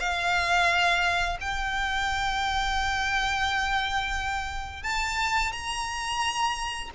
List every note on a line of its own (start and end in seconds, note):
0.00 1.38 F5
1.41 4.83 G5
4.83 5.52 A5
5.52 6.90 A#5